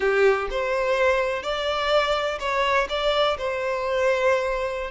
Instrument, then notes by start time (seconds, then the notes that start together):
violin
0.00 G4
0.50 C5
1.42 D5
2.39 C#5
2.89 D5
3.38 C5